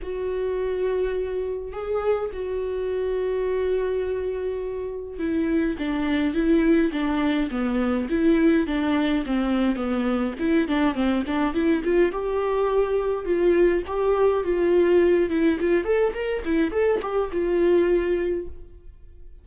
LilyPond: \new Staff \with { instrumentName = "viola" } { \time 4/4 \tempo 4 = 104 fis'2. gis'4 | fis'1~ | fis'4 e'4 d'4 e'4 | d'4 b4 e'4 d'4 |
c'4 b4 e'8 d'8 c'8 d'8 | e'8 f'8 g'2 f'4 | g'4 f'4. e'8 f'8 a'8 | ais'8 e'8 a'8 g'8 f'2 | }